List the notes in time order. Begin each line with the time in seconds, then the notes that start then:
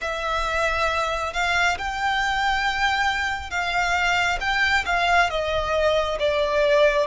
0.01 E5
1.33 F5
1.78 G5
3.50 F5
4.40 G5
4.85 F5
5.29 D#5
6.19 D5